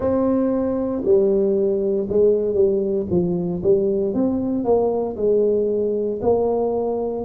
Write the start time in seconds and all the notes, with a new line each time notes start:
0.00 C4
1.04 G3
2.09 G#3
2.54 G3
3.10 F3
3.62 G3
4.14 C4
4.64 A#3
5.16 G#3
6.21 A#3